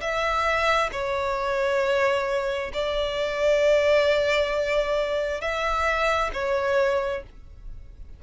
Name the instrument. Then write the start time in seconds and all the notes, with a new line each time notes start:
violin
0.00 E5
0.92 C#5
2.73 D5
5.41 E5
6.33 C#5